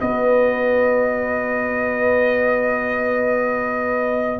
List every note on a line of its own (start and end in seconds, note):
0.00 4.39 B3
0.00 4.39 F#4
0.00 4.39 B4
0.00 4.39 D#5